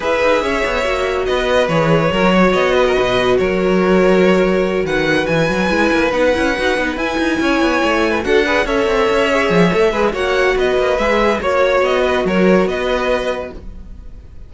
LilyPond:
<<
  \new Staff \with { instrumentName = "violin" } { \time 4/4 \tempo 4 = 142 e''2. dis''4 | cis''2 dis''2 | cis''2.~ cis''8 fis''8~ | fis''8 gis''2 fis''4.~ |
fis''8 gis''2. fis''8~ | fis''8 e''2.~ e''8 | fis''4 dis''4 e''4 cis''4 | dis''4 cis''4 dis''2 | }
  \new Staff \with { instrumentName = "violin" } { \time 4/4 b'4 cis''2 b'4~ | b'4 ais'8 cis''4 b'16 ais'16 b'4 | ais'2.~ ais'8 b'8~ | b'1~ |
b'4. cis''4.~ cis''16 b'16 a'8 | b'8 cis''2. b'8 | cis''4 b'2 cis''4~ | cis''8 b'8 ais'4 b'2 | }
  \new Staff \with { instrumentName = "viola" } { \time 4/4 gis'2 fis'2 | gis'4 fis'2.~ | fis'1~ | fis'4. e'4 dis'8 e'8 fis'8 |
dis'8 e'2. fis'8 | gis'8 a'4. gis'4 a'8 gis'8 | fis'2 gis'4 fis'4~ | fis'1 | }
  \new Staff \with { instrumentName = "cello" } { \time 4/4 e'8 dis'8 cis'8 b8 ais4 b4 | e4 fis4 b4 b,4 | fis2.~ fis8 dis8~ | dis8 e8 fis8 gis8 ais8 b8 cis'8 dis'8 |
b8 e'8 dis'8 cis'8 b8 a4 d'8~ | d'8 cis'8 c'8 cis'4 f8 a8 gis8 | ais4 b8 ais8 gis4 ais4 | b4 fis4 b2 | }
>>